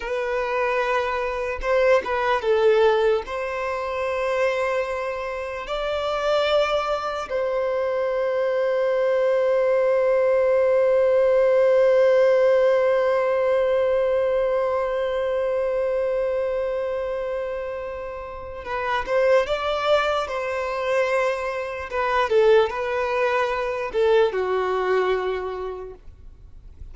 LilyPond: \new Staff \with { instrumentName = "violin" } { \time 4/4 \tempo 4 = 74 b'2 c''8 b'8 a'4 | c''2. d''4~ | d''4 c''2.~ | c''1~ |
c''1~ | c''2. b'8 c''8 | d''4 c''2 b'8 a'8 | b'4. a'8 fis'2 | }